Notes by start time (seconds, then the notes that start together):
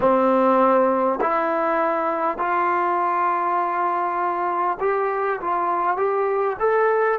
0.00 C4
1.21 E4
2.38 F4
4.80 G4
5.41 F4
5.96 G4
6.59 A4